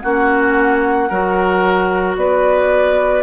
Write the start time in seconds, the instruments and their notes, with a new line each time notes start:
0.00 bassoon A#3, clarinet C#4, oboe F#4, flute F#5
1.09 bassoon F#3, clarinet F#4, oboe A#4
2.16 bassoon B3, oboe B4, flute D5